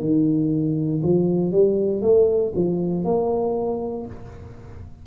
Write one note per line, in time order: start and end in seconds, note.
0.00 1.02 D#3
1.03 1.52 F3
1.52 2.02 G3
2.02 2.53 A3
2.56 3.05 F3
3.05 4.06 A#3